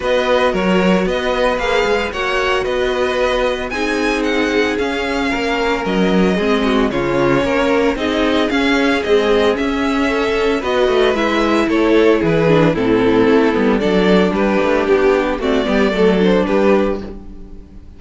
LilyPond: <<
  \new Staff \with { instrumentName = "violin" } { \time 4/4 \tempo 4 = 113 dis''4 cis''4 dis''4 f''4 | fis''4 dis''2 gis''4 | fis''4 f''2 dis''4~ | dis''4 cis''2 dis''4 |
f''4 dis''4 e''2 | dis''4 e''4 cis''4 b'4 | a'2 d''4 b'4 | g'4 d''4. c''8 b'4 | }
  \new Staff \with { instrumentName = "violin" } { \time 4/4 b'4 ais'4 b'2 | cis''4 b'2 gis'4~ | gis'2 ais'2 | gis'8 fis'8 f'4 ais'4 gis'4~ |
gis'2. a'4 | b'2 a'4 gis'4 | e'2 a'4 g'4~ | g'4 fis'8 g'8 a'4 g'4 | }
  \new Staff \with { instrumentName = "viola" } { \time 4/4 fis'2. gis'4 | fis'2. dis'4~ | dis'4 cis'2. | c'4 cis'2 dis'4 |
cis'4 gis4 cis'2 | fis'4 e'2~ e'8 d'8 | c'4. b8 d'2~ | d'4 c'8 b8 a8 d'4. | }
  \new Staff \with { instrumentName = "cello" } { \time 4/4 b4 fis4 b4 ais8 gis8 | ais4 b2 c'4~ | c'4 cis'4 ais4 fis4 | gis4 cis4 ais4 c'4 |
cis'4 c'4 cis'2 | b8 a8 gis4 a4 e4 | a,4 a8 g8 fis4 g8 a8 | b4 a8 g8 fis4 g4 | }
>>